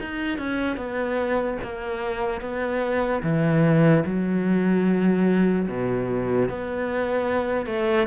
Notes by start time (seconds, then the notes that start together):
0.00 D#4
0.38 C#4
0.77 B3
1.63 A#3
2.41 B3
3.23 E3
4.05 F#3
5.68 B2
6.49 B3
7.66 A3